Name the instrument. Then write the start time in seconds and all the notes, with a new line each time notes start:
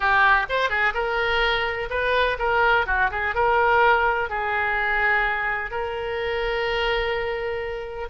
oboe
0.00 G4
0.49 C5
0.69 G#4
0.94 A#4
1.90 B4
2.39 A#4
2.86 F#4
3.10 G#4
3.34 A#4
4.29 G#4
5.70 A#4